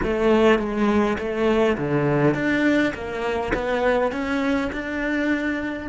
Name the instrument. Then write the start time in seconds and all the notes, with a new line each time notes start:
cello
0.03 A3
0.58 G#3
1.18 A3
1.77 D3
2.34 D4
2.94 A#3
3.54 B3
4.12 C#4
4.72 D4